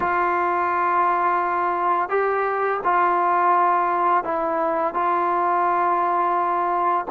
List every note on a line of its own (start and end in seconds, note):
0.00 2.09 F4
2.09 2.79 G4
2.84 4.24 F4
4.24 4.93 E4
4.93 7.05 F4